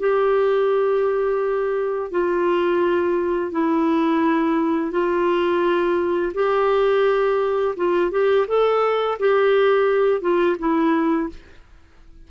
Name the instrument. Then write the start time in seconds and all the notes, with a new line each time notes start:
clarinet
0.00 G4
2.12 F4
3.52 E4
4.92 F4
6.35 G4
7.77 F4
8.12 G4
8.48 A4
9.20 G4
10.22 F4
10.59 E4